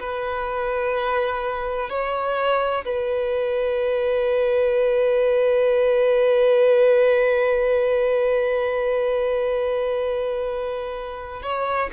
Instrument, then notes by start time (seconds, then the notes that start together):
violin
0.00 B4
1.90 C#5
2.85 B4
11.42 C#5